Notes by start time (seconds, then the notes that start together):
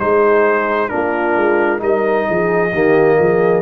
0.00 G#3 D#4 G#4 C5
0.89 A#3 D4 F4 A#4
1.37 G#3
1.79 G3 D#4 A#4 D#5
2.28 F3 G#4
2.73 D#3 A#3 G4
3.19 F3 G#4